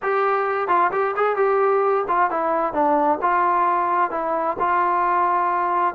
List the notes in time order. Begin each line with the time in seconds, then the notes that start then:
0.02 G4
0.67 F4
0.92 G4
1.16 G#4
1.36 G4
2.08 F4
2.30 E4
2.73 D4
3.21 F4
4.11 E4
4.59 F4